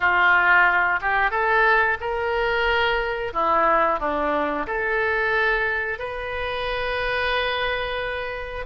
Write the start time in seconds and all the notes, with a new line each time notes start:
0.00 F4
1.01 G4
1.30 A4
2.00 A#4
3.33 E4
3.99 D4
4.66 A4
5.98 B4